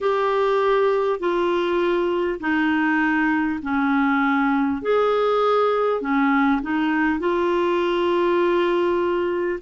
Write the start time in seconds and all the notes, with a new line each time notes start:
0.01 G4
1.19 F4
2.39 D#4
3.62 C#4
4.82 G#4
6.01 C#4
6.62 D#4
7.19 F4